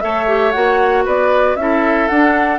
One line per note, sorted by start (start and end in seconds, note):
0.00 0.55 A3
0.00 0.27 A4
0.00 1.05 C#5
0.00 0.52 E5
0.27 0.53 G4
0.52 1.06 A#3
0.52 1.57 F#4
0.52 1.03 F#5
1.05 1.56 B3
1.05 1.57 B4
1.05 1.56 D5
1.56 2.08 C#4
1.56 2.10 E4
1.56 2.59 A4
1.56 2.08 E5
2.08 2.59 D4
2.08 2.59 F#5